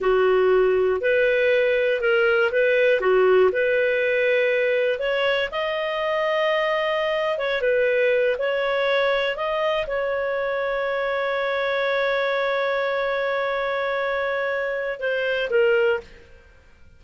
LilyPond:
\new Staff \with { instrumentName = "clarinet" } { \time 4/4 \tempo 4 = 120 fis'2 b'2 | ais'4 b'4 fis'4 b'4~ | b'2 cis''4 dis''4~ | dis''2~ dis''8. cis''8 b'8.~ |
b'8. cis''2 dis''4 cis''16~ | cis''1~ | cis''1~ | cis''2 c''4 ais'4 | }